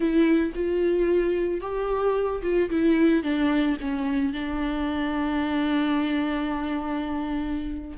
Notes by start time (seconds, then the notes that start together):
0.00 E4
0.54 F4
1.60 G4
2.42 F4
2.70 E4
3.23 D4
3.81 C#4
4.32 D4